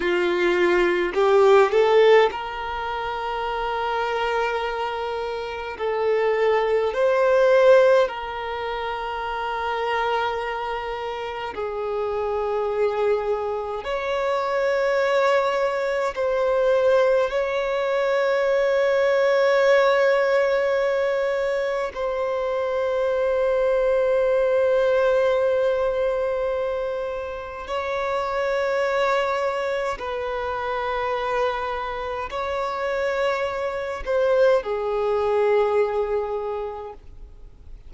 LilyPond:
\new Staff \with { instrumentName = "violin" } { \time 4/4 \tempo 4 = 52 f'4 g'8 a'8 ais'2~ | ais'4 a'4 c''4 ais'4~ | ais'2 gis'2 | cis''2 c''4 cis''4~ |
cis''2. c''4~ | c''1 | cis''2 b'2 | cis''4. c''8 gis'2 | }